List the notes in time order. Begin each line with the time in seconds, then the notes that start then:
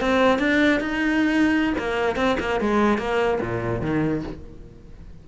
0.00 C4
0.38 D4
0.80 D#4
1.77 A#3
2.16 C4
2.39 A#3
2.60 G#3
2.98 A#3
3.40 A#2
3.81 D#3